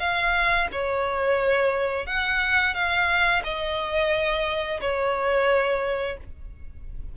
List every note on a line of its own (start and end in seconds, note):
0.00 0.68 F5
0.73 2.07 C#5
2.07 2.75 F#5
2.75 3.43 F5
3.44 4.81 D#5
4.81 6.18 C#5